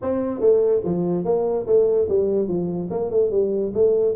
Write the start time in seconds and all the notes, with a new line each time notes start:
0.02 C4
0.40 A3
0.84 F3
1.24 A#3
1.66 A3
2.08 G3
2.48 F3
2.90 A#3
3.10 A3
3.30 G3
3.74 A3